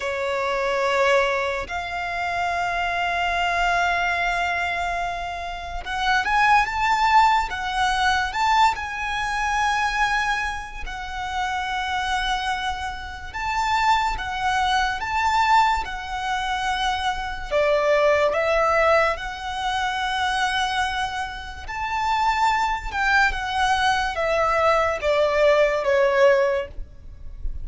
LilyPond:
\new Staff \with { instrumentName = "violin" } { \time 4/4 \tempo 4 = 72 cis''2 f''2~ | f''2. fis''8 gis''8 | a''4 fis''4 a''8 gis''4.~ | gis''4 fis''2. |
a''4 fis''4 a''4 fis''4~ | fis''4 d''4 e''4 fis''4~ | fis''2 a''4. g''8 | fis''4 e''4 d''4 cis''4 | }